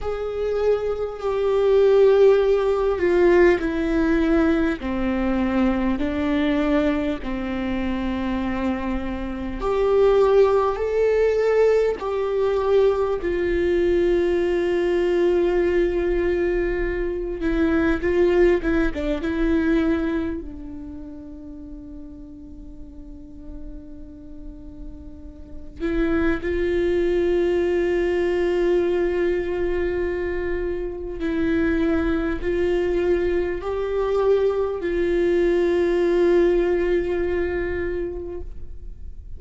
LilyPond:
\new Staff \with { instrumentName = "viola" } { \time 4/4 \tempo 4 = 50 gis'4 g'4. f'8 e'4 | c'4 d'4 c'2 | g'4 a'4 g'4 f'4~ | f'2~ f'8 e'8 f'8 e'16 d'16 |
e'4 d'2.~ | d'4. e'8 f'2~ | f'2 e'4 f'4 | g'4 f'2. | }